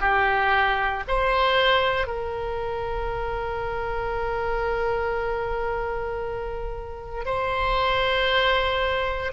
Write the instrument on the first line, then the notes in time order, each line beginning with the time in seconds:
oboe
0.00 G4
1.08 C5
2.07 A#4
7.26 C5